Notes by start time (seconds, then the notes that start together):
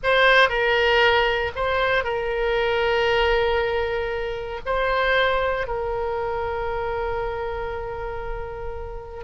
0.03 C5
0.49 A#4
1.55 C5
2.03 A#4
4.65 C5
5.67 A#4